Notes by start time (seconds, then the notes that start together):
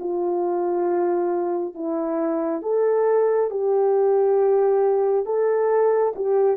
0.00 F4
1.75 E4
2.62 A4
3.51 G4
5.26 A4
6.16 G4